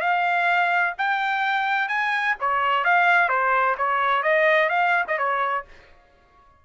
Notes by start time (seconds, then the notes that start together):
0.00 F5
0.98 G5
1.88 G#5
2.40 C#5
2.84 F5
3.29 C5
3.78 C#5
4.23 D#5
4.69 F5
5.08 D#5
5.18 C#5